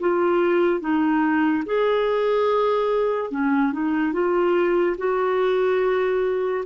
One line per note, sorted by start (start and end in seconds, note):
0.00 0.80 F4
0.80 1.64 D#4
1.66 3.31 G#4
3.31 3.72 C#4
3.73 4.13 D#4
4.13 4.97 F4
4.98 6.64 F#4